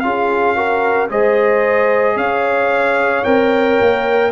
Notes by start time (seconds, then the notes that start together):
0.00 C#4 F4 G#4 F5
0.55 F#4 A#4
1.10 G#3 G#4 C5 D#5
2.16 C#4 C#5 F5
3.24 C4 A#4 G5
3.81 A#3